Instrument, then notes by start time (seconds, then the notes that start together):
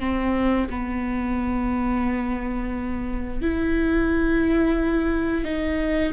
viola
0.00 C4
0.70 B3
3.42 E4
5.45 D#4